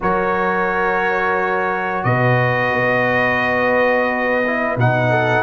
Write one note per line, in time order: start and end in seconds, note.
0.01 2.04 F#3
0.01 4.44 F#4
0.01 2.05 A#4
0.01 2.03 C#5
2.03 2.72 B2
2.03 5.10 B4
2.03 4.76 D#5
2.72 4.76 B3
4.46 4.79 E4
4.76 5.43 B2
4.76 5.43 D#4
4.76 5.43 F#5
5.10 5.43 A4